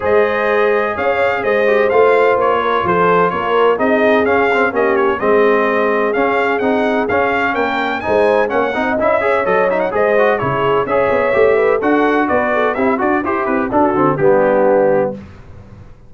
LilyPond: <<
  \new Staff \with { instrumentName = "trumpet" } { \time 4/4 \tempo 4 = 127 dis''2 f''4 dis''4 | f''4 cis''4 c''4 cis''4 | dis''4 f''4 dis''8 cis''8 dis''4~ | dis''4 f''4 fis''4 f''4 |
g''4 gis''4 fis''4 e''4 | dis''8 e''16 fis''16 dis''4 cis''4 e''4~ | e''4 fis''4 d''4 e''8 d''8 | c''8 b'8 a'4 g'2 | }
  \new Staff \with { instrumentName = "horn" } { \time 4/4 c''2 cis''4 c''4~ | c''4. ais'8 a'4 ais'4 | gis'2 g'4 gis'4~ | gis'1 |
ais'4 c''4 cis''8 dis''4 cis''8~ | cis''4 c''4 gis'4 cis''4~ | cis''8 b'8 a'4 b'8 a'8 g'8 fis'8 | e'4 fis'4 d'2 | }
  \new Staff \with { instrumentName = "trombone" } { \time 4/4 gis'2.~ gis'8 g'8 | f'1 | dis'4 cis'8 c'8 cis'4 c'4~ | c'4 cis'4 dis'4 cis'4~ |
cis'4 dis'4 cis'8 dis'8 e'8 gis'8 | a'8 dis'8 gis'8 fis'8 e'4 gis'4 | g'4 fis'2 e'8 fis'8 | g'4 d'8 c'8 b2 | }
  \new Staff \with { instrumentName = "tuba" } { \time 4/4 gis2 cis'4 gis4 | a4 ais4 f4 ais4 | c'4 cis'4 ais4 gis4~ | gis4 cis'4 c'4 cis'4 |
ais4 gis4 ais8 c'8 cis'4 | fis4 gis4 cis4 cis'8 b8 | a4 d'4 b4 c'8 d'8 | e'8 c'8 d'8 d8 g2 | }
>>